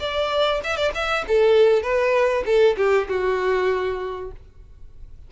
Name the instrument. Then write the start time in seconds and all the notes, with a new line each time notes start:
violin
0.00 D5
0.64 E5
0.77 D5
0.94 E5
1.28 A4
1.83 B4
2.45 A4
2.77 G4
3.09 F#4